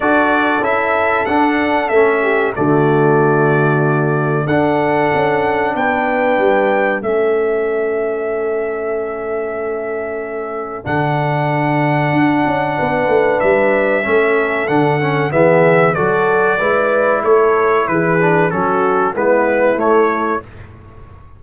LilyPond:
<<
  \new Staff \with { instrumentName = "trumpet" } { \time 4/4 \tempo 4 = 94 d''4 e''4 fis''4 e''4 | d''2. fis''4~ | fis''4 g''2 e''4~ | e''1~ |
e''4 fis''2.~ | fis''4 e''2 fis''4 | e''4 d''2 cis''4 | b'4 a'4 b'4 cis''4 | }
  \new Staff \with { instrumentName = "horn" } { \time 4/4 a'2.~ a'8 g'8 | fis'2. a'4~ | a'4 b'2 a'4~ | a'1~ |
a'1 | b'2 a'2 | gis'4 a'4 b'4 a'4 | gis'4 fis'4 e'2 | }
  \new Staff \with { instrumentName = "trombone" } { \time 4/4 fis'4 e'4 d'4 cis'4 | a2. d'4~ | d'2. cis'4~ | cis'1~ |
cis'4 d'2.~ | d'2 cis'4 d'8 cis'8 | b4 fis'4 e'2~ | e'8 d'8 cis'4 b4 a4 | }
  \new Staff \with { instrumentName = "tuba" } { \time 4/4 d'4 cis'4 d'4 a4 | d2. d'4 | cis'4 b4 g4 a4~ | a1~ |
a4 d2 d'8 cis'8 | b8 a8 g4 a4 d4 | e4 fis4 gis4 a4 | e4 fis4 gis4 a4 | }
>>